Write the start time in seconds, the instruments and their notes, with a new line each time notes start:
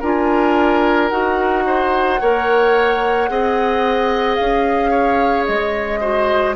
0.00 bassoon D4, clarinet F4, oboe A#4, flute G#5
1.09 bassoon D#4, clarinet F#4, flute F#5
1.66 oboe C5
2.20 bassoon A#3, clarinet A#4, oboe C#5
3.28 bassoon C4, clarinet G#4, oboe D#5
4.35 bassoon C#4, flute F5
4.90 oboe C#5
5.45 bassoon G#3, flute D#5
6.00 clarinet F#4, oboe C5